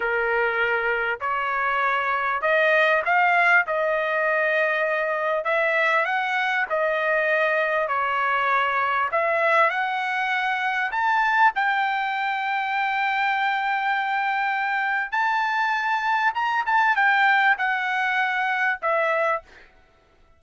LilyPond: \new Staff \with { instrumentName = "trumpet" } { \time 4/4 \tempo 4 = 99 ais'2 cis''2 | dis''4 f''4 dis''2~ | dis''4 e''4 fis''4 dis''4~ | dis''4 cis''2 e''4 |
fis''2 a''4 g''4~ | g''1~ | g''4 a''2 ais''8 a''8 | g''4 fis''2 e''4 | }